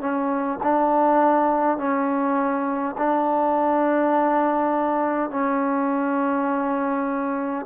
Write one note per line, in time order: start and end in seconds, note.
0.00 0.59 C#4
0.63 1.78 D4
1.78 2.95 C#4
2.97 5.30 D4
5.30 7.65 C#4